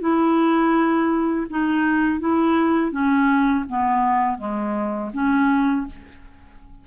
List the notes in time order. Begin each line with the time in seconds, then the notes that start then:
0.00 E4
1.50 D#4
2.20 E4
2.91 C#4
3.68 B3
4.37 G#3
5.14 C#4